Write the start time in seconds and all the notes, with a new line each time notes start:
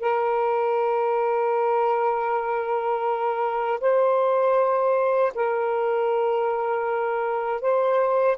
0.00 A#4
3.80 C5
5.35 A#4
7.61 C5